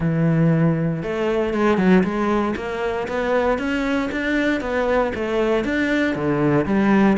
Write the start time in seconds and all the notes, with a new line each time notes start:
0.00 E3
1.03 A3
1.53 G#3
1.77 F#3
2.03 G#3
2.56 A#3
3.08 B3
3.58 C#4
4.11 D4
4.61 B3
5.14 A3
5.64 D4
6.15 D3
6.65 G3